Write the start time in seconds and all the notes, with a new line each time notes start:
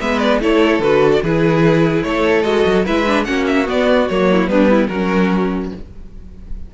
0.00 G#3 B3 B4 E5
0.19 D5
0.41 A3 E4 A4 C#5
0.79 D3 F#4 B4
1.13 D5
1.23 E3 E4 G#4 B4
2.03 A3 A4 C#5
2.43 G#3 F#4 D#5
2.66 F#3
2.85 G#3 E4 B4 E5
3.06 D4
3.24 A#3 C#4 F#4 F#5
3.47 E5
3.65 B3 D5
4.08 F#3 A#3 C#5
4.32 E4
4.47 G3 B3 D4 B4
4.71 E4
4.87 F#3 C#4 F#4 A#4